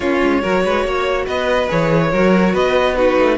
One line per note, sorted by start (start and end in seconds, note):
0.00 0.20 A#3
0.00 0.42 C#4
0.00 0.42 F4
0.00 1.25 C#5
0.22 0.43 G#3
0.42 0.64 F#3
0.42 1.68 F#4
0.42 0.63 A#4
0.64 0.84 G#3
0.64 0.86 B4
0.84 1.26 A#3
0.84 1.25 C#5
1.25 1.69 B3
1.25 2.10 B4
1.25 1.69 D#5
1.68 2.12 E3
1.68 2.10 G#4
1.68 2.55 C#5
2.11 2.54 F#3
2.11 2.95 F#4
2.11 2.53 A#4
2.53 3.17 B3
2.53 2.95 B4
2.53 2.95 D#5
2.95 3.37 D#4
2.95 3.37 F#4
2.95 3.37 B4
3.18 3.37 A3